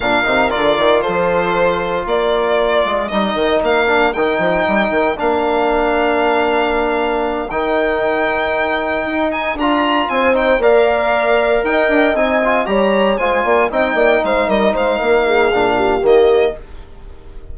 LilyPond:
<<
  \new Staff \with { instrumentName = "violin" } { \time 4/4 \tempo 4 = 116 f''4 d''4 c''2 | d''2 dis''4 f''4 | g''2 f''2~ | f''2~ f''8 g''4.~ |
g''2 gis''8 ais''4 gis''8 | g''8 f''2 g''4 gis''8~ | gis''8 ais''4 gis''4 g''4 f''8 | dis''8 f''2~ f''8 dis''4 | }
  \new Staff \with { instrumentName = "horn" } { \time 4/4 ais'2 a'2 | ais'1~ | ais'1~ | ais'1~ |
ais'2.~ ais'8 c''8~ | c''8 d''2 dis''4.~ | dis''8 cis''4 c''8 d''8 dis''8 d''8 c''8 | ais'8 c''8 ais'8 gis'4 g'4. | }
  \new Staff \with { instrumentName = "trombone" } { \time 4/4 d'8 dis'8 f'2.~ | f'2 dis'4. d'8 | dis'2 d'2~ | d'2~ d'8 dis'4.~ |
dis'2~ dis'8 f'4. | dis'8 ais'2. dis'8 | f'8 g'4 f'4 dis'4.~ | dis'2 d'4 ais4 | }
  \new Staff \with { instrumentName = "bassoon" } { \time 4/4 ais,8 c8 d8 dis8 f2 | ais4. gis8 g8 dis8 ais4 | dis8 f8 g8 dis8 ais2~ | ais2~ ais8 dis4.~ |
dis4. dis'4 d'4 c'8~ | c'8 ais2 dis'8 d'8 c'8~ | c'8 g4 gis8 ais8 c'8 ais8 gis8 | g8 gis8 ais4 ais,4 dis4 | }
>>